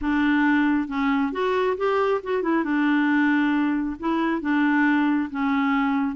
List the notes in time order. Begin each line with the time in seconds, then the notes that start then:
0.01 D4
0.88 C#4
1.32 F#4
1.77 G4
2.23 F#4
2.42 E4
2.64 D4
3.99 E4
4.41 D4
5.30 C#4